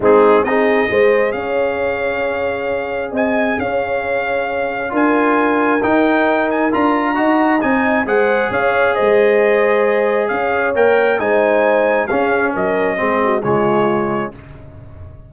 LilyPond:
<<
  \new Staff \with { instrumentName = "trumpet" } { \time 4/4 \tempo 4 = 134 gis'4 dis''2 f''4~ | f''2. gis''4 | f''2. gis''4~ | gis''4 g''4. gis''8 ais''4~ |
ais''4 gis''4 fis''4 f''4 | dis''2. f''4 | g''4 gis''2 f''4 | dis''2 cis''2 | }
  \new Staff \with { instrumentName = "horn" } { \time 4/4 dis'4 gis'4 c''4 cis''4~ | cis''2. dis''4 | cis''2. ais'4~ | ais'1 |
dis''2 c''4 cis''4 | c''2. cis''4~ | cis''4 c''2 gis'4 | ais'4 gis'8 fis'8 f'2 | }
  \new Staff \with { instrumentName = "trombone" } { \time 4/4 c'4 dis'4 gis'2~ | gis'1~ | gis'2. f'4~ | f'4 dis'2 f'4 |
fis'4 dis'4 gis'2~ | gis'1 | ais'4 dis'2 cis'4~ | cis'4 c'4 gis2 | }
  \new Staff \with { instrumentName = "tuba" } { \time 4/4 gis4 c'4 gis4 cis'4~ | cis'2. c'4 | cis'2. d'4~ | d'4 dis'2 d'4 |
dis'4 c'4 gis4 cis'4 | gis2. cis'4 | ais4 gis2 cis'4 | fis4 gis4 cis2 | }
>>